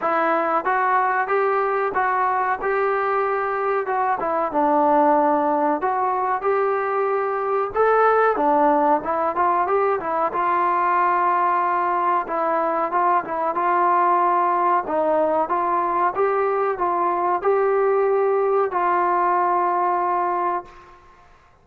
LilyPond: \new Staff \with { instrumentName = "trombone" } { \time 4/4 \tempo 4 = 93 e'4 fis'4 g'4 fis'4 | g'2 fis'8 e'8 d'4~ | d'4 fis'4 g'2 | a'4 d'4 e'8 f'8 g'8 e'8 |
f'2. e'4 | f'8 e'8 f'2 dis'4 | f'4 g'4 f'4 g'4~ | g'4 f'2. | }